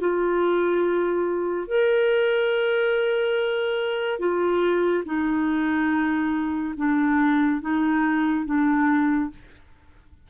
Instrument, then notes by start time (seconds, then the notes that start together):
clarinet
0.00 F4
1.67 A#4
4.19 F4
5.05 D#4
6.77 D4
7.61 D#4
8.45 D4